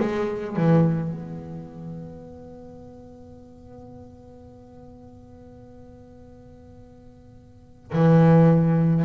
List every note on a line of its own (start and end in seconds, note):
0.00 0.57 G#3
0.57 1.12 E3
1.12 7.91 B3
7.93 9.05 E3